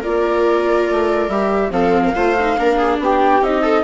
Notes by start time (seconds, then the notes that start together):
0.00 F4 A#4 D5
0.06 A#3
0.90 A3
1.29 G3 G4 E5
1.71 F3 C4 A4 F5
2.06 A#4
2.15 A3 F4 C5
2.39 D#4
2.57 A#3 D4 A#4
2.78 G#4
2.99 B3 G4 G5
3.41 C4 D#4 D#5
3.63 A4